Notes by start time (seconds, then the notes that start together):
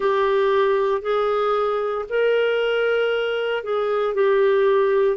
0.00 G4
1.01 G#4
2.09 A#4
3.63 G#4
4.14 G4